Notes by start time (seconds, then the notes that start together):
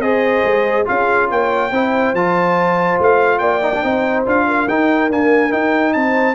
0.00 C4 G#4 C5 D#5
0.44 G#3
0.86 C#4 F4 G#4 F5
1.30 A#3 C#5 G5
1.71 C4 E4 C5
2.14 F3 F4 A5
3.00 A3 F5
3.39 A#3 D5 G5
3.62 D#4
3.75 D4
3.83 C4 D#4 C5
4.26 D4 F4 F5
4.48 A#4
4.69 D#4 G5
5.11 A#3 D4 G#5
5.51 D#4 G5
5.93 C4 C5 A5